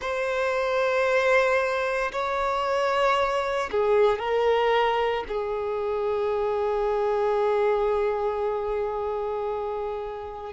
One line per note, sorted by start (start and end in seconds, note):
0.00 2.11 C5
2.11 3.69 C#5
3.71 4.18 G#4
4.18 5.23 A#4
5.28 10.53 G#4